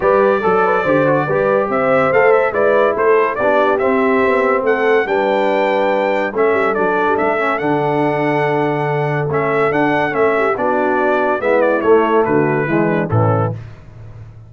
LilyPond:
<<
  \new Staff \with { instrumentName = "trumpet" } { \time 4/4 \tempo 4 = 142 d''1 | e''4 f''8 e''8 d''4 c''4 | d''4 e''2 fis''4 | g''2. e''4 |
d''4 e''4 fis''2~ | fis''2 e''4 fis''4 | e''4 d''2 e''8 d''8 | cis''4 b'2 a'4 | }
  \new Staff \with { instrumentName = "horn" } { \time 4/4 b'4 a'8 b'8 c''4 b'4 | c''2 b'4 a'4 | g'2. a'4 | b'2. a'4~ |
a'1~ | a'1~ | a'8 g'8 fis'2 e'4~ | e'4 fis'4 e'8 d'8 cis'4 | }
  \new Staff \with { instrumentName = "trombone" } { \time 4/4 g'4 a'4 g'8 fis'8 g'4~ | g'4 a'4 e'2 | d'4 c'2. | d'2. cis'4 |
d'4. cis'8 d'2~ | d'2 cis'4 d'4 | cis'4 d'2 b4 | a2 gis4 e4 | }
  \new Staff \with { instrumentName = "tuba" } { \time 4/4 g4 fis4 d4 g4 | c'4 a4 gis4 a4 | b4 c'4 b4 a4 | g2. a8 g8 |
fis8. g16 a4 d2~ | d2 a4 d'4 | a4 b2 gis4 | a4 d4 e4 a,4 | }
>>